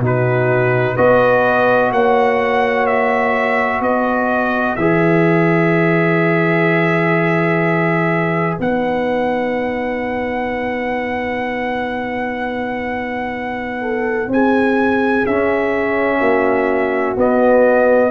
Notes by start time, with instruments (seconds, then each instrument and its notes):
0.00 tuba B2, trombone D#4, horn F#4
0.06 trumpet B4
0.95 tuba B3, trombone F#4, horn B4, trumpet D#5
1.92 tuba A#3, horn C#5, trumpet F#5
2.87 trumpet E5
3.81 tuba B3, horn B4, trumpet D#5
4.76 tuba E3, trombone G#4, trumpet E5
8.60 tuba B3, trombone D#4, trumpet F#5
13.81 horn A4
14.28 tuba C4, horn G#4, trumpet G#5
15.27 tuba C#4, trombone C#4, trumpet E5
16.18 tuba A#3, horn F#4
17.16 trombone B3, tuba B3, trumpet D#5